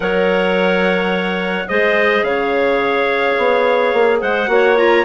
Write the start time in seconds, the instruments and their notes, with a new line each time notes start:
0.00 bassoon F#3, clarinet A#4 C#5, trumpet F#5
1.68 bassoon G#3, clarinet G#4 C5, trumpet D#5
2.22 bassoon C#3, clarinet C#5, trumpet F5
3.37 bassoon B3
3.93 bassoon A#3
4.20 bassoon G#3, clarinet C5, trumpet F#5
4.47 bassoon A#3, clarinet F#4 C#5
4.76 clarinet F4, trumpet A#5